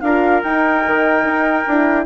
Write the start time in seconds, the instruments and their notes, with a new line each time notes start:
0.00 bassoon D4, horn F4, trumpet A#4, flute F5
0.43 bassoon D#4, horn D#4, flute G5
0.86 bassoon D#3
1.24 bassoon D#4
1.67 bassoon D4, horn E4